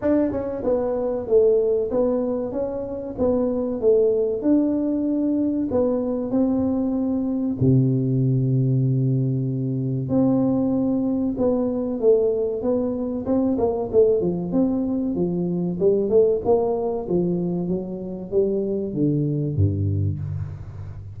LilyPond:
\new Staff \with { instrumentName = "tuba" } { \time 4/4 \tempo 4 = 95 d'8 cis'8 b4 a4 b4 | cis'4 b4 a4 d'4~ | d'4 b4 c'2 | c1 |
c'2 b4 a4 | b4 c'8 ais8 a8 f8 c'4 | f4 g8 a8 ais4 f4 | fis4 g4 d4 g,4 | }